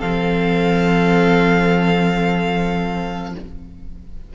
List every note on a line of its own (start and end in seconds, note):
0.00 3.35 F3
0.00 3.34 C4
0.00 3.33 A4
0.00 3.34 F5